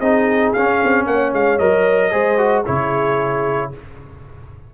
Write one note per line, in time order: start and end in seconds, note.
0.00 0.54 C4
0.00 0.56 D#4
0.00 1.06 G#4
0.00 0.53 D#5
0.53 0.83 C#4
0.53 1.60 C#4
0.53 1.06 F5
0.85 1.07 C4
1.07 1.33 A#3
1.07 2.12 C#5
1.07 1.34 F#5
1.33 1.60 G#3
1.33 1.59 F5
1.59 2.13 F#3
1.59 2.12 A#4
1.59 2.65 D#5
2.12 2.66 G#3
2.12 2.38 G#4
2.12 2.65 C5
2.38 2.65 F#4
2.66 3.75 C#3
2.66 3.73 E4
2.66 3.73 G#4
2.66 3.72 C#5